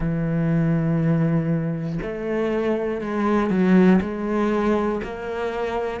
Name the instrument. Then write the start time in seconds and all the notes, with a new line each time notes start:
cello
0.00 E3
2.02 A3
3.00 G#3
3.50 F#3
4.01 G#3
5.03 A#3